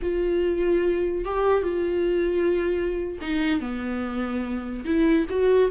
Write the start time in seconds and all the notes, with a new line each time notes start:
0.02 F4
1.24 G4
1.63 F4
3.21 D#4
3.60 B3
4.84 E4
5.29 F#4